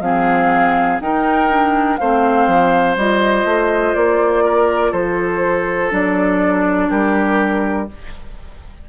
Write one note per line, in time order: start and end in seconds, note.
0.00 0.98 F3
0.00 1.00 C4
0.00 1.02 G#4
0.00 0.99 F5
1.00 1.50 D#4
1.00 1.99 D#4
1.00 2.00 A#4
1.00 1.97 G5
1.50 1.99 D4
1.97 2.47 A3
1.97 2.97 C4
1.97 4.44 C5
1.97 2.95 F5
2.47 2.96 F3
2.96 3.44 G3
2.96 5.91 F4
2.96 3.95 D#5
3.44 3.94 A3
3.95 4.92 A#3
3.95 4.93 D5
4.44 4.91 A#4
4.91 5.91 F3
4.91 6.88 A4
4.91 5.91 C5
5.91 6.90 F#3
5.91 7.87 D4
5.91 6.90 D5
6.89 7.89 G3
6.89 7.87 G4
6.89 7.89 A#4